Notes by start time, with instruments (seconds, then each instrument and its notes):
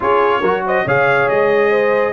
0.00 tuba C#4, trombone F4, horn G#4, trumpet C#5
0.40 tuba F#3, trombone F#4, horn A#4
0.66 horn C5, trumpet D#5
0.84 tuba C#3, trombone G#4, horn C#5, trumpet F5
1.29 tuba G#3, trumpet D#5
1.70 horn C5